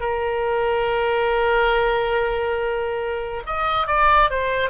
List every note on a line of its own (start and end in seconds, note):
0.00 3.43 A#4
3.46 3.87 D#5
3.87 4.30 D5
4.31 4.70 C5